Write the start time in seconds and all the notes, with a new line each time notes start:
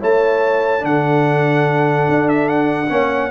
0.00 A3 E4 C#5 A5
0.80 D3 D4 A4 F#5
2.09 D4
2.29 E5
2.49 F#5
2.90 A#3 C#4 C#5